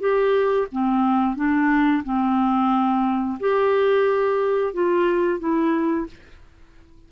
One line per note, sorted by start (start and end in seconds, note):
0.00 0.67 G4
0.72 1.36 C4
1.36 2.03 D4
2.04 3.39 C4
3.40 4.73 G4
4.73 5.40 F4
5.40 6.07 E4